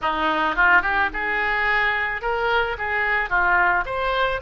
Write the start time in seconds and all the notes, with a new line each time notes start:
0.02 D#4
0.55 F4
0.82 G4
1.13 G#4
2.21 A#4
2.77 G#4
3.29 F4
3.85 C5